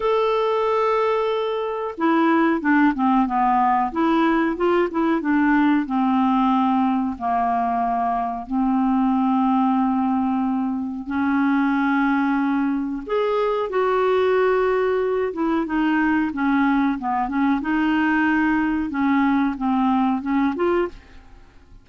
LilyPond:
\new Staff \with { instrumentName = "clarinet" } { \time 4/4 \tempo 4 = 92 a'2. e'4 | d'8 c'8 b4 e'4 f'8 e'8 | d'4 c'2 ais4~ | ais4 c'2.~ |
c'4 cis'2. | gis'4 fis'2~ fis'8 e'8 | dis'4 cis'4 b8 cis'8 dis'4~ | dis'4 cis'4 c'4 cis'8 f'8 | }